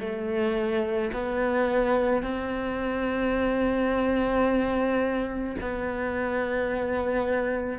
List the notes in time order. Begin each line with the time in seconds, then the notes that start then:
0.00 A3
1.13 B3
2.23 C4
5.61 B3